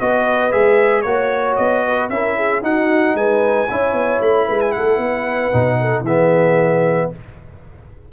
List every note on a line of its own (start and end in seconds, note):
0.00 0.53 B3
0.00 0.51 F#4
0.00 1.05 B4
0.00 0.52 D#5
0.51 1.04 G#3
0.51 1.04 G#4
0.51 1.02 E5
1.02 1.57 A#3
1.02 2.11 F#4
1.02 1.54 C#5
1.02 1.84 C#5
1.56 2.09 B3
1.56 2.09 D#5
1.87 2.13 B4
2.09 2.62 C#4
2.09 2.62 E4
2.09 2.36 A#4
2.09 2.62 E5
2.36 2.63 G#4
2.62 3.14 D#4
2.62 3.68 D#4
2.62 3.17 F#4
2.62 3.17 F#5
3.14 3.67 G#3
3.14 3.69 B4
3.14 4.22 G#5
3.69 3.93 C#4
3.69 5.52 E4
3.69 4.46 C#5
3.93 4.19 B3
4.21 4.47 A3
4.21 4.61 B5
4.46 4.76 G#3
4.46 4.73 B4
4.61 4.72 G#5
4.72 4.98 A3
4.72 6.03 F#5
4.78 4.99 A4
4.98 5.50 B3
4.98 5.78 B4
5.52 6.01 B2
5.52 6.05 D#4
5.80 6.03 A4
6.01 7.07 E3
6.01 7.12 B3
6.01 7.09 G#4
6.01 7.11 E5